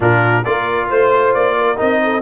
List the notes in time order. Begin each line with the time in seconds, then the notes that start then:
0.00 A#2 D4 F4 A#4
0.44 A#3 F4 A#4 D5
0.89 A3 C5
1.34 A#3 D5
1.58 A#4
1.76 C4 D#4 D#5
2.03 A4